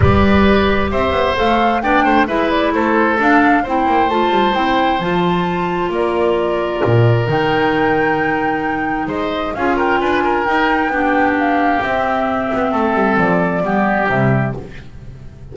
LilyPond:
<<
  \new Staff \with { instrumentName = "flute" } { \time 4/4 \tempo 4 = 132 d''2 e''4 f''4 | g''4 e''8 d''8 c''4 f''4 | g''4 a''4 g''4 a''4~ | a''4 d''2. |
g''1 | dis''4 f''8 g''8 gis''4 g''4~ | g''4 f''4 e''2~ | e''4 d''2 e''4 | }
  \new Staff \with { instrumentName = "oboe" } { \time 4/4 b'2 c''2 | d''8 c''8 b'4 a'2 | c''1~ | c''4 ais'2.~ |
ais'1 | c''4 gis'8 ais'8 b'8 ais'4. | g'1 | a'2 g'2 | }
  \new Staff \with { instrumentName = "clarinet" } { \time 4/4 g'2. a'4 | d'4 e'2 d'4 | e'4 f'4 e'4 f'4~ | f'1 |
dis'1~ | dis'4 f'2 dis'4 | d'2 c'2~ | c'2 b4 g4 | }
  \new Staff \with { instrumentName = "double bass" } { \time 4/4 g2 c'8 b8 a4 | b8 a8 gis4 a4 d'4 | c'8 ais8 a8 g8 c'4 f4~ | f4 ais2 ais,4 |
dis1 | gis4 cis'4 d'4 dis'4 | b2 c'4. b8 | a8 g8 f4 g4 c4 | }
>>